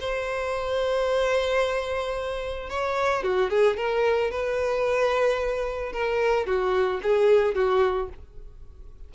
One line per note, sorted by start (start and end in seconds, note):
0.00 2.70 C5
2.70 3.23 C#5
3.23 3.50 F#4
3.50 3.77 G#4
3.77 4.31 A#4
4.31 5.92 B4
5.92 6.46 A#4
6.46 7.00 F#4
7.03 7.55 G#4
7.55 8.09 F#4